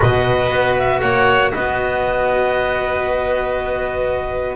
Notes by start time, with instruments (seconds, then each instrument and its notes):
0.00 double bass B2, cello F#4, violin B4, clarinet D#5
0.50 double bass B3
0.78 clarinet E5
1.00 double bass A#3, violin C#5, clarinet F#5
1.52 double bass B3, violin B4, clarinet D#5